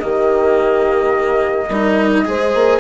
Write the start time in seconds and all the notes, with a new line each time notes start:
0.00 D#3 A#3 G4 D#5
1.68 G3 D#4 A#4
2.25 G#3 G#4 C5
2.55 A#3